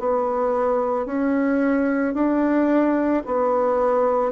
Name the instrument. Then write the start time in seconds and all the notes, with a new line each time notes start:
bassoon
0.00 B3
1.07 C#4
2.15 D4
3.26 B3